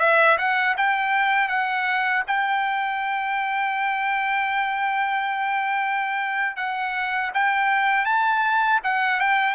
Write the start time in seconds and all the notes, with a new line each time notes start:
0.00 E5
0.38 F#5
0.78 G5
1.49 F#5
2.28 G5
6.57 F#5
7.34 G5
8.05 A5
8.84 F#5
9.20 G5